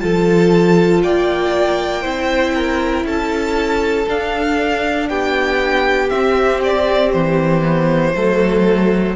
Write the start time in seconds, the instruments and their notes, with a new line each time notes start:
0.00 cello F3, viola F4, violin A4 A5
1.03 cello A#3, violin D5 G5
2.02 cello C4, viola E4, violin C5
2.55 violin A#4
3.04 cello C#4, violin A4 A5
4.08 viola D4, cello D4, violin F5
5.09 cello B3, violin G4 G5
6.10 viola C4, cello C4, violin E5
6.64 violin D5
7.12 cello E3, violin C5
7.62 viola B3
8.15 cello F#3, viola A3, violin A4